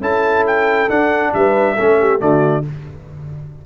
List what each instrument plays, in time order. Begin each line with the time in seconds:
0.00 tuba C#4, trombone E4, horn A4, trumpet A5
0.47 trumpet G5
0.89 trombone D4, tuba D4, trumpet F#5
1.34 tuba G3, horn B4, trumpet E5
1.75 tuba A3, trombone C#4, horn A4
2.00 horn G4
2.19 tuba D3, trombone A3, horn F#4, trumpet D5